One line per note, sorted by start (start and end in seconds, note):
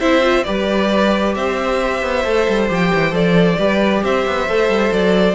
0.00 0.46 C4
0.00 0.22 E4
0.00 0.45 C5
0.00 0.44 E5
0.22 0.44 F4
0.44 1.36 G3
0.44 2.25 G4
0.44 1.36 B4
0.44 1.33 D5
1.35 2.03 C4
1.35 3.58 C5
1.35 2.69 E5
2.03 2.25 B3
2.25 2.47 A3
2.25 2.69 A4
2.49 2.70 G3
2.69 2.93 F3
2.69 3.12 G4
2.69 3.15 G5
2.94 3.12 E3
3.12 3.57 F3
3.12 3.56 A4
3.12 4.04 D5
3.58 4.04 G3
3.58 4.48 G4
3.58 4.03 B4
4.04 4.26 C4
4.04 5.35 C5
4.04 4.93 E5
4.27 4.49 B3
4.49 4.69 A3
4.49 5.35 A4
4.69 4.91 G3
4.92 5.35 F#3
4.92 5.35 D5